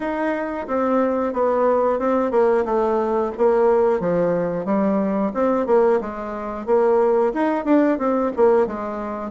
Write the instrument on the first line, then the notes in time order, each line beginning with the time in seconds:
bassoon
0.00 D#4
0.67 C4
1.33 B3
1.99 C4
2.31 A#3
2.65 A3
3.37 A#3
4.00 F3
4.65 G3
5.33 C4
5.66 A#3
6.00 G#3
6.66 A#3
7.33 D#4
7.65 D4
7.98 C4
8.36 A#3
8.66 G#3